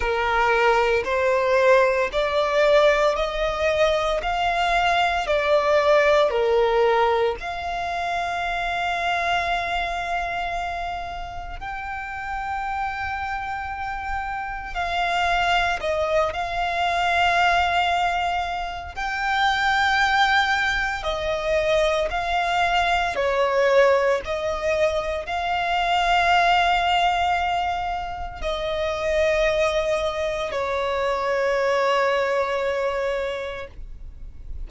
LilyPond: \new Staff \with { instrumentName = "violin" } { \time 4/4 \tempo 4 = 57 ais'4 c''4 d''4 dis''4 | f''4 d''4 ais'4 f''4~ | f''2. g''4~ | g''2 f''4 dis''8 f''8~ |
f''2 g''2 | dis''4 f''4 cis''4 dis''4 | f''2. dis''4~ | dis''4 cis''2. | }